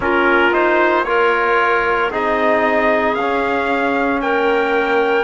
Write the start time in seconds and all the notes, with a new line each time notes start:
0.00 A#3 C#4 F4 A#4
0.52 D#4 C5
1.04 F4 A#4 C#5
2.11 C4 D#4 G#4 D#5
3.14 C#4 F5
4.21 A#3 A#4 G5